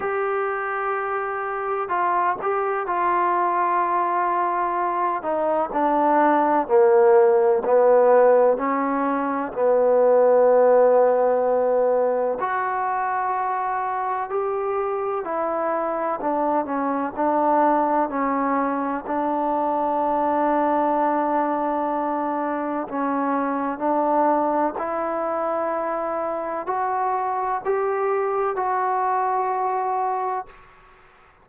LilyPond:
\new Staff \with { instrumentName = "trombone" } { \time 4/4 \tempo 4 = 63 g'2 f'8 g'8 f'4~ | f'4. dis'8 d'4 ais4 | b4 cis'4 b2~ | b4 fis'2 g'4 |
e'4 d'8 cis'8 d'4 cis'4 | d'1 | cis'4 d'4 e'2 | fis'4 g'4 fis'2 | }